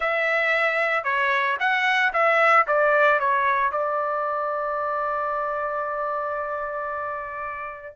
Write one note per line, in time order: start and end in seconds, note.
0.00 1.04 E5
1.04 1.57 C#5
1.59 2.12 F#5
2.13 2.66 E5
2.67 3.19 D5
3.19 3.71 C#5
3.71 7.95 D5